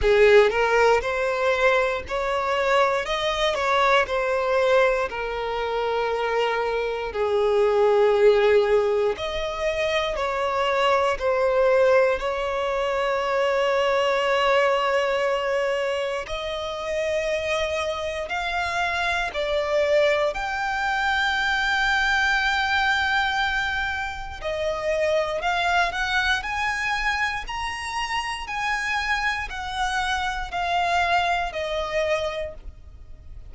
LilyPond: \new Staff \with { instrumentName = "violin" } { \time 4/4 \tempo 4 = 59 gis'8 ais'8 c''4 cis''4 dis''8 cis''8 | c''4 ais'2 gis'4~ | gis'4 dis''4 cis''4 c''4 | cis''1 |
dis''2 f''4 d''4 | g''1 | dis''4 f''8 fis''8 gis''4 ais''4 | gis''4 fis''4 f''4 dis''4 | }